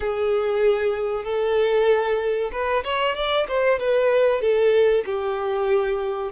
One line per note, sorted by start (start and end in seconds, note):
0.00 1.24 G#4
1.24 2.50 A4
2.52 2.83 B4
2.84 3.15 C#5
3.15 3.47 D5
3.48 3.79 C5
3.79 4.41 B4
4.41 5.04 A4
5.05 6.32 G4